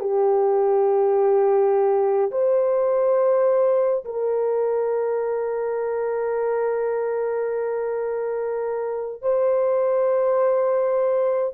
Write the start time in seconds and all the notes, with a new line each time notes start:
0.00 G4
2.31 C5
4.05 A#4
9.22 C5